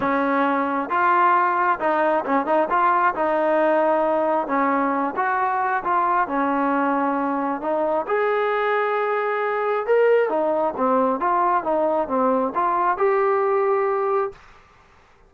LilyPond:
\new Staff \with { instrumentName = "trombone" } { \time 4/4 \tempo 4 = 134 cis'2 f'2 | dis'4 cis'8 dis'8 f'4 dis'4~ | dis'2 cis'4. fis'8~ | fis'4 f'4 cis'2~ |
cis'4 dis'4 gis'2~ | gis'2 ais'4 dis'4 | c'4 f'4 dis'4 c'4 | f'4 g'2. | }